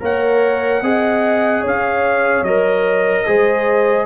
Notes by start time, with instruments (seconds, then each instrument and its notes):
0.00 tuba A#3, trombone A#4, horn C#5, trumpet F#5
0.82 tuba C4, trombone G#4, horn D#5
1.61 tuba C#4, horn C#5
1.68 trumpet F5
2.42 tuba F#3, trombone A#4, trumpet D#5
3.27 tuba G#3, trombone G#4, horn C5